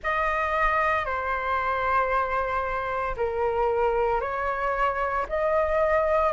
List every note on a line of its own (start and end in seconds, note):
0.02 1.05 D#5
1.05 3.15 C5
3.16 4.21 A#4
4.21 5.26 C#5
5.29 6.33 D#5